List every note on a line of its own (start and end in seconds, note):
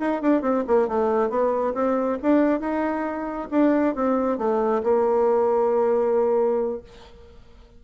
0.00 0.22 D#4
0.22 0.42 D4
0.42 0.64 C4
0.68 0.88 A#3
0.88 1.30 A3
1.30 1.74 B3
1.74 2.19 C4
2.23 2.61 D4
2.61 3.49 D#4
3.51 3.95 D4
3.96 4.38 C4
4.38 4.82 A3
4.83 6.82 A#3